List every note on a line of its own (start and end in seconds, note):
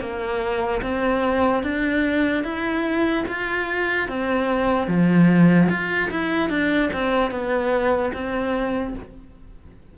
0.00 0.81 A#3
0.81 1.63 C4
1.63 2.44 D4
2.44 3.25 E4
3.28 4.08 F4
4.08 4.87 C4
4.87 5.68 F3
5.69 6.10 F4
6.10 6.49 E4
6.49 6.90 D4
6.93 7.30 C4
7.30 8.12 B3
8.13 8.94 C4